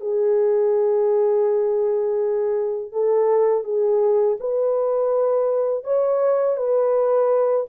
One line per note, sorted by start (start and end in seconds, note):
0.00 2.92 G#4
2.92 3.64 A4
3.64 4.37 G#4
4.40 5.83 B4
5.83 6.56 C#5
6.56 7.66 B4